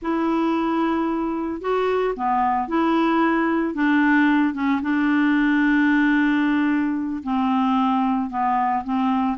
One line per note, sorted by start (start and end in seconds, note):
0.01 1.61 E4
1.61 2.14 F#4
2.16 2.68 B3
2.68 3.74 E4
3.74 4.54 D4
4.54 4.81 C#4
4.81 7.22 D4
7.23 8.29 C4
8.29 8.83 B3
8.83 9.37 C4